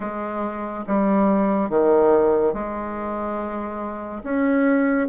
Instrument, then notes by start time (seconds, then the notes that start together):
bassoon
0.00 G#3
0.87 G3
1.69 D#3
2.53 G#3
4.23 C#4